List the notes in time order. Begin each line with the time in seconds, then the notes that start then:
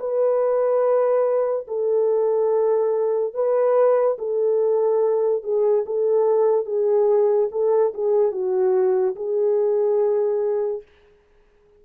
0.00 B4
1.68 A4
3.34 B4
4.19 A4
5.44 G#4
5.86 A4
6.66 G#4
7.52 A4
7.94 G#4
8.32 F#4
9.16 G#4